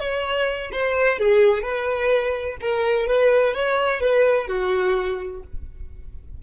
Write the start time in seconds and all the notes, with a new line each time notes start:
0.00 C#5
0.72 C5
1.19 G#4
1.63 B4
2.61 A#4
3.07 B4
3.54 C#5
4.01 B4
4.48 F#4